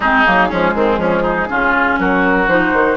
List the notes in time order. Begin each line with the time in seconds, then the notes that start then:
0.00 G#3 C4 D#4 G#4
0.25 F#3 A#3
0.48 F3 G#3 C#4
0.74 D#3 C4
0.97 F3 C#4
1.22 D#4
1.49 C#3 C#4 F4
1.98 F#3 F#4 A#4
2.47 F3 D#4 C5
2.72 D#3